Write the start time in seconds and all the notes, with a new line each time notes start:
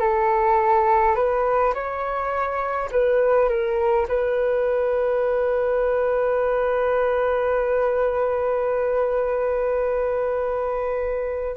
0.00 A4
1.15 B4
1.74 C#5
2.91 B4
3.49 A#4
4.08 B4